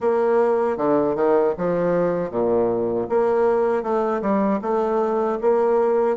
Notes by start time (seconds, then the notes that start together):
0.00 A#3
0.77 D3
1.15 D#3
1.57 F3
2.30 A#2
3.09 A#3
3.82 A3
4.21 G3
4.62 A3
5.41 A#3